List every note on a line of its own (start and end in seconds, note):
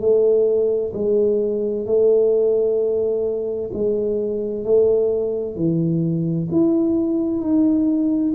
0.00 0.92 A3
0.93 1.85 G#3
1.86 3.70 A3
3.73 4.64 G#3
4.64 5.56 A3
5.56 6.48 E3
6.52 7.41 E4
7.41 8.33 D#4